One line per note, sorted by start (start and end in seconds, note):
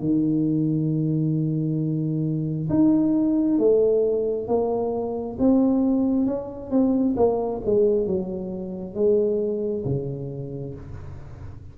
0.00 2.69 D#3
2.69 3.59 D#4
3.59 4.47 A3
4.47 5.37 A#3
5.39 6.26 C4
6.26 6.70 C#4
6.70 7.15 C4
7.16 7.61 A#3
7.66 8.06 G#3
8.06 8.94 F#3
8.94 9.84 G#3
9.85 10.75 C#3